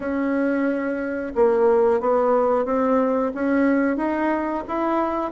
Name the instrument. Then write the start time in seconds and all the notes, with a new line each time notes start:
bassoon
0.00 C#4
1.35 A#3
2.00 B3
2.65 C4
3.34 C#4
3.96 D#4
4.68 E4